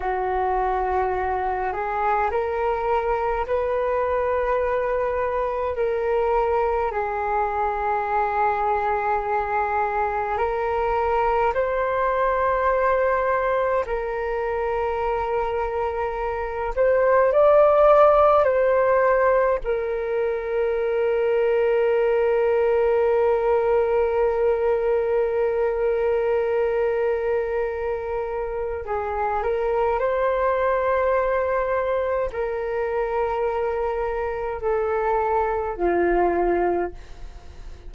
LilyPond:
\new Staff \with { instrumentName = "flute" } { \time 4/4 \tempo 4 = 52 fis'4. gis'8 ais'4 b'4~ | b'4 ais'4 gis'2~ | gis'4 ais'4 c''2 | ais'2~ ais'8 c''8 d''4 |
c''4 ais'2.~ | ais'1~ | ais'4 gis'8 ais'8 c''2 | ais'2 a'4 f'4 | }